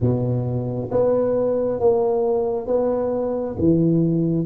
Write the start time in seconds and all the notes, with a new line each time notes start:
0.00 B2
0.91 B3
1.79 A#3
2.66 B3
3.58 E3